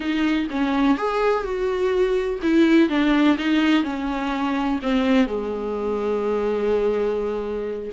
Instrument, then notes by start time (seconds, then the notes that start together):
viola
0.00 D#4
0.50 C#4
0.97 G#4
1.43 F#4
2.42 E4
2.89 D4
3.38 D#4
3.83 C#4
4.82 C4
5.26 G#3